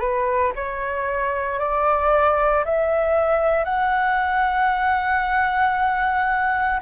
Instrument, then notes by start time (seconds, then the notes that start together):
flute
0.00 B4
0.56 C#5
1.59 D5
2.65 E5
3.64 F#5